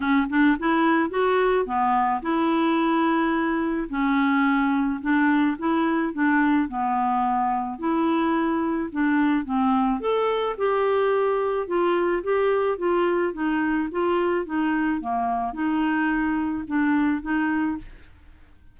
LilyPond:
\new Staff \with { instrumentName = "clarinet" } { \time 4/4 \tempo 4 = 108 cis'8 d'8 e'4 fis'4 b4 | e'2. cis'4~ | cis'4 d'4 e'4 d'4 | b2 e'2 |
d'4 c'4 a'4 g'4~ | g'4 f'4 g'4 f'4 | dis'4 f'4 dis'4 ais4 | dis'2 d'4 dis'4 | }